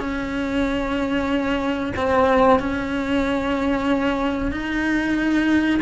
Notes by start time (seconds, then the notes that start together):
0.00 C#4
1.96 C4
2.60 C#4
4.52 D#4